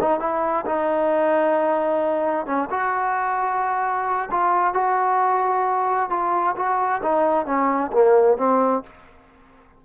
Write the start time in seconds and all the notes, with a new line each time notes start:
0.00 D#4
0.19 E4
0.65 D#4
2.46 C#4
2.70 F#4
4.31 F4
4.74 F#4
6.10 F4
6.56 F#4
7.02 D#4
7.46 C#4
7.92 A#3
8.37 C4